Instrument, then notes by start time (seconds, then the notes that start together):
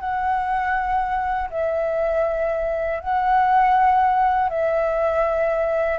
flute
0.00 F#5
1.51 E5
3.00 F#5
4.50 E5